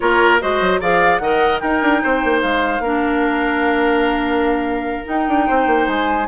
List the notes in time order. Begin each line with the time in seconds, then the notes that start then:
0.00 A#3 F4 A#4 C#5
0.39 G#3 F#4 C5 D#5
0.60 F#3
0.80 F3 G#4 D5 F5
1.17 D#3 A#4 D#5 F#5
1.59 D#4 A#4 G5
1.82 D4
2.03 C4 C5
2.24 A#3
2.41 G#3 F5
2.79 A#3 D4 A#4
5.05 D#4 G5
5.28 D4
5.47 C4 C5
5.66 A#3
5.87 G#3 G#5